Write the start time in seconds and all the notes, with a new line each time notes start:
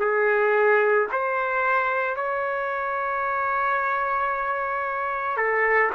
0.00 G#4
1.12 C5
2.16 C#5
5.37 A4